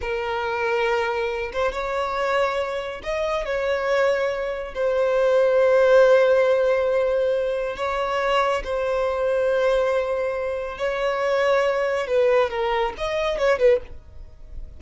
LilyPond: \new Staff \with { instrumentName = "violin" } { \time 4/4 \tempo 4 = 139 ais'2.~ ais'8 c''8 | cis''2. dis''4 | cis''2. c''4~ | c''1~ |
c''2 cis''2 | c''1~ | c''4 cis''2. | b'4 ais'4 dis''4 cis''8 b'8 | }